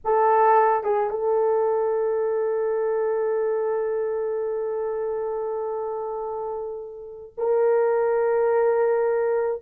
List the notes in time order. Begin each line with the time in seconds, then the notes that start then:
0.04 A4
0.83 G#4
1.10 A4
7.37 A#4